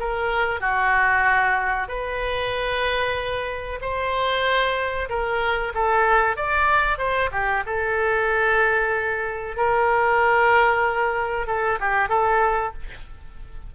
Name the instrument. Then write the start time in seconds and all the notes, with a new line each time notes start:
oboe
0.00 A#4
0.61 F#4
1.89 B4
3.82 C5
5.09 A#4
5.75 A4
6.37 D5
6.99 C5
7.32 G4
7.67 A4
9.57 A#4
11.47 A4
11.81 G4
12.10 A4